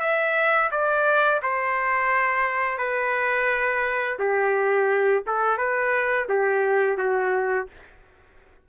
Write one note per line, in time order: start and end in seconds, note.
0.00 0.70 E5
0.71 1.41 D5
1.42 2.78 C5
2.78 4.18 B4
4.19 5.23 G4
5.27 5.58 A4
5.58 6.27 B4
6.29 6.98 G4
6.98 7.67 F#4